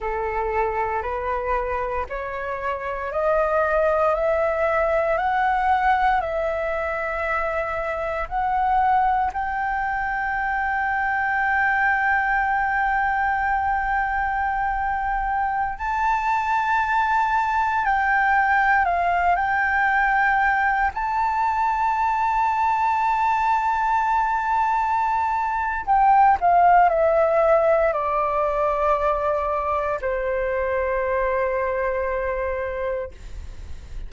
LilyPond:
\new Staff \with { instrumentName = "flute" } { \time 4/4 \tempo 4 = 58 a'4 b'4 cis''4 dis''4 | e''4 fis''4 e''2 | fis''4 g''2.~ | g''2.~ g''16 a''8.~ |
a''4~ a''16 g''4 f''8 g''4~ g''16~ | g''16 a''2.~ a''8.~ | a''4 g''8 f''8 e''4 d''4~ | d''4 c''2. | }